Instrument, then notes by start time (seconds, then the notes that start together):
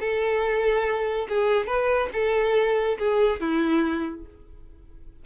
violin
0.00 A4
1.29 G#4
1.67 B4
2.13 A4
2.98 G#4
3.40 E4